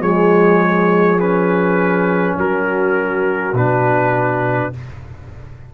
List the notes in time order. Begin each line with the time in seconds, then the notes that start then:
0.00 F3 G#3 G#4 C#5
1.19 C#4 B4
2.38 F#3 F#4 A#4
3.53 B2 D4 B4